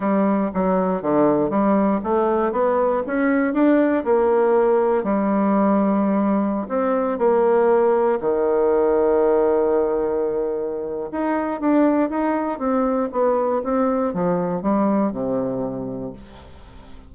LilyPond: \new Staff \with { instrumentName = "bassoon" } { \time 4/4 \tempo 4 = 119 g4 fis4 d4 g4 | a4 b4 cis'4 d'4 | ais2 g2~ | g4~ g16 c'4 ais4.~ ais16~ |
ais16 dis2.~ dis8.~ | dis2 dis'4 d'4 | dis'4 c'4 b4 c'4 | f4 g4 c2 | }